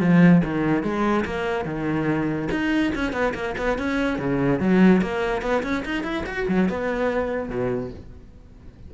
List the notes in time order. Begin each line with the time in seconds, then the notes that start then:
0.00 F3
0.44 D#3
0.83 G#3
1.25 A#3
1.65 D#3
2.51 D#4
2.95 C#4
3.12 B3
3.34 A#3
3.58 B3
3.78 C#4
4.18 C#3
4.60 F#3
5.01 A#3
5.41 B3
5.63 C#4
5.85 D#4
6.03 E4
6.26 F#4
6.48 F#3
6.69 B3
7.49 B2